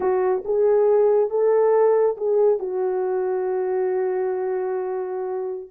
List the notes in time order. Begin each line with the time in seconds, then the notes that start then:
0.00 F#4
0.45 G#4
1.29 A4
2.17 G#4
2.59 F#4